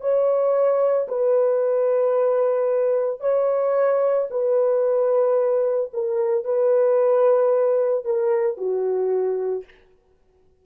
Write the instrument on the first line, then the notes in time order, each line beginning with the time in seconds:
horn
0.00 C#5
1.08 B4
3.20 C#5
4.31 B4
5.93 A#4
6.44 B4
8.05 A#4
8.57 F#4